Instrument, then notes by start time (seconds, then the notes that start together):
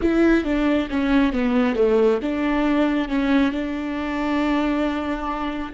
viola
0.01 E4
0.44 D4
0.90 C#4
1.32 B3
1.75 A3
2.21 D4
3.08 C#4
3.52 D4